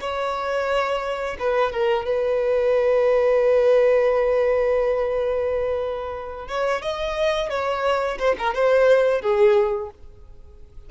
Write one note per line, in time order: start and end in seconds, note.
0.00 1.36 C#5
1.39 1.72 B4
1.72 2.05 A#4
2.05 6.48 B4
6.48 6.82 C#5
6.82 7.49 D#5
7.49 8.18 C#5
8.18 8.35 C5
8.38 8.54 A#4
8.54 9.21 C5
9.21 9.90 G#4